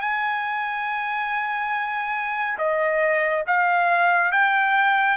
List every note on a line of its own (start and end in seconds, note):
0.00 2.57 G#5
2.58 3.44 D#5
3.47 4.32 F5
4.32 5.17 G5